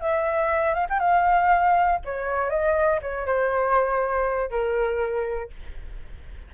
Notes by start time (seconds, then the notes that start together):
0.00 E5
0.74 F5
0.89 G5
0.99 F5
2.05 C#5
2.50 D#5
3.01 C#5
3.26 C5
4.50 A#4